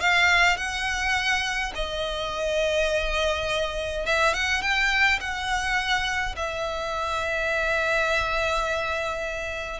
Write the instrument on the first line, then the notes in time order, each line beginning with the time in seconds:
violin
0.00 F5
0.57 F#5
1.74 D#5
4.05 E5
4.33 F#5
4.61 G5
5.20 F#5
6.36 E5